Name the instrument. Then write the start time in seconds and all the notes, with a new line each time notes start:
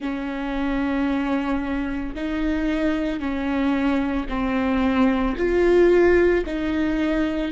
viola
0.00 C#4
2.15 D#4
3.19 C#4
4.29 C4
5.37 F4
6.46 D#4